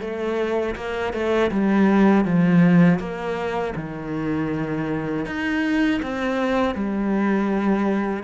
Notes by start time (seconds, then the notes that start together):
0.00 A3
0.75 A#3
1.13 A3
1.51 G3
2.24 F3
2.99 A#3
3.75 D#3
5.25 D#4
6.02 C4
6.74 G3